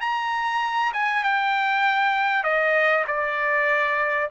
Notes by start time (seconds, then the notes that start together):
0.00 A#5
0.93 G#5
1.23 G5
2.43 D#5
3.07 D5